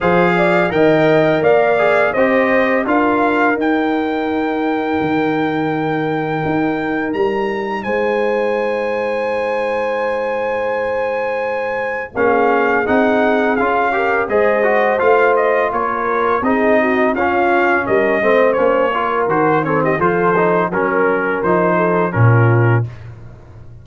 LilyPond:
<<
  \new Staff \with { instrumentName = "trumpet" } { \time 4/4 \tempo 4 = 84 f''4 g''4 f''4 dis''4 | f''4 g''2.~ | g''2 ais''4 gis''4~ | gis''1~ |
gis''4 f''4 fis''4 f''4 | dis''4 f''8 dis''8 cis''4 dis''4 | f''4 dis''4 cis''4 c''8 cis''16 dis''16 | c''4 ais'4 c''4 ais'4 | }
  \new Staff \with { instrumentName = "horn" } { \time 4/4 c''8 d''8 dis''4 d''4 c''4 | ais'1~ | ais'2. c''4~ | c''1~ |
c''4 gis'2~ gis'8 ais'8 | c''2 ais'4 gis'8 fis'8 | f'4 ais'8 c''4 ais'4 a'16 g'16 | a'4 ais'4. a'8 f'4 | }
  \new Staff \with { instrumentName = "trombone" } { \time 4/4 gis'4 ais'4. gis'8 g'4 | f'4 dis'2.~ | dis'1~ | dis'1~ |
dis'4 cis'4 dis'4 f'8 g'8 | gis'8 fis'8 f'2 dis'4 | cis'4. c'8 cis'8 f'8 fis'8 c'8 | f'8 dis'8 cis'4 dis'4 cis'4 | }
  \new Staff \with { instrumentName = "tuba" } { \time 4/4 f4 dis4 ais4 c'4 | d'4 dis'2 dis4~ | dis4 dis'4 g4 gis4~ | gis1~ |
gis4 ais4 c'4 cis'4 | gis4 a4 ais4 c'4 | cis'4 g8 a8 ais4 dis4 | f4 fis4 f4 ais,4 | }
>>